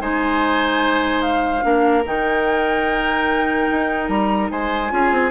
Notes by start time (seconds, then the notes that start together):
0.00 G#3 D#4 C5 G#5
1.22 F5
1.62 A#3 D4 A#4
2.06 D#3 D#4 G5
3.71 D#4
4.09 G3 A#5
4.51 G#3 C5 G#5
4.90 C#4 F4 G#4
5.12 C4